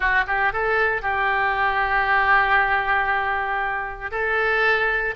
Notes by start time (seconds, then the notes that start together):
0.00 F#4
0.27 G4
0.52 A4
1.02 G4
4.11 A4